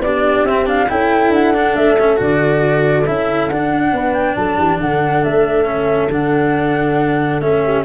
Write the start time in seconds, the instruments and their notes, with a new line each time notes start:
0.00 tuba B3, cello D4, horn G4, flute D5
0.45 tuba C4, cello C4, flute E5
0.66 cello D4, flute F5
0.89 tuba C#4, cello E4, horn A4, flute G5
1.30 tuba D4, flute F#5
1.55 cello D4
1.76 tuba A3, flute E5
2.00 cello C#4
2.17 tuba D3, cello F#4, flute D5
3.07 tuba C#4, cello E4, flute E5
3.49 tuba D4, cello D4, flute F#5
3.93 tuba B3, horn B4
4.13 flute G5
4.36 tuba F#3, horn A4, flute A5
4.58 tuba E3, horn G4
4.81 tuba D3, horn A4, flute F#5
5.24 tuba A3, flute E5
5.65 cello C#4
6.10 tuba D3, cello D4, flute F#5
7.41 tuba A3, cello C#4, flute E5
7.64 horn G4